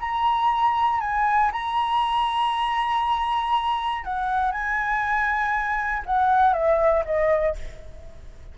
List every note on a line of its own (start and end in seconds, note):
0.00 1.01 A#5
1.01 1.51 G#5
1.52 4.04 A#5
4.04 4.52 F#5
4.52 6.03 G#5
6.05 6.53 F#5
6.53 7.03 E5
7.05 7.56 D#5